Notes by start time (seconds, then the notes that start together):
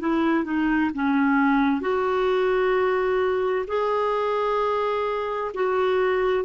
0.00 E4
0.44 D#4
0.94 C#4
1.81 F#4
3.67 G#4
5.54 F#4